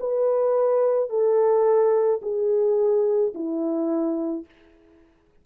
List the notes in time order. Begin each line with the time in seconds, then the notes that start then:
0.00 B4
1.10 A4
2.22 G#4
3.34 E4